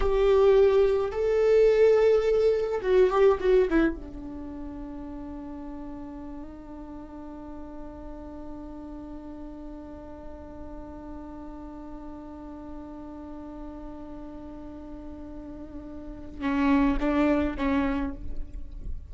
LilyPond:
\new Staff \with { instrumentName = "viola" } { \time 4/4 \tempo 4 = 106 g'2 a'2~ | a'4 fis'8 g'8 fis'8 e'8 d'4~ | d'1~ | d'1~ |
d'1~ | d'1~ | d'1~ | d'4 cis'4 d'4 cis'4 | }